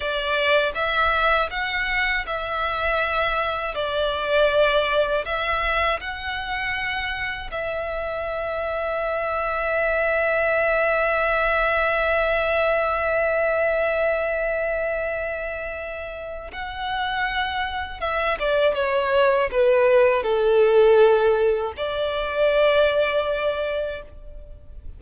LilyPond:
\new Staff \with { instrumentName = "violin" } { \time 4/4 \tempo 4 = 80 d''4 e''4 fis''4 e''4~ | e''4 d''2 e''4 | fis''2 e''2~ | e''1~ |
e''1~ | e''2 fis''2 | e''8 d''8 cis''4 b'4 a'4~ | a'4 d''2. | }